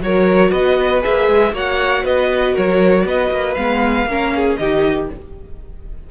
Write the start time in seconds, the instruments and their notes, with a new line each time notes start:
0.00 cello F#3, viola F#4, violin A#4 C#5
0.50 cello B3, violin B4 D#5
1.02 cello A#3, viola G#4, violin E5
1.28 cello G#3
1.53 cello A#3, viola F#4, violin C#5 F#5
2.03 cello B3, violin B4 D#5
2.54 cello F#3, violin A#4 C#5
3.05 cello B3, violin B4 D#5
3.31 cello A#3
3.55 cello G#3, viola B3, violin F5
4.06 cello A#3, viola C#4, violin A#4
4.36 violin G#4
4.56 cello D#3, viola D#4, violin G4 D#5